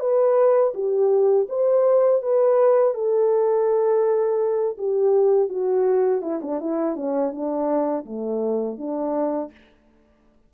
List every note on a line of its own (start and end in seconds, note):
0.00 0.73 B4
0.75 1.48 G4
1.49 2.22 C5
2.22 2.94 B4
2.94 4.77 A4
4.78 5.49 G4
5.49 6.22 F#4
6.22 6.40 E4
6.42 6.60 D4
6.60 6.96 E4
6.96 7.32 C#4
7.32 8.05 D4
8.05 8.78 A3
8.78 9.51 D4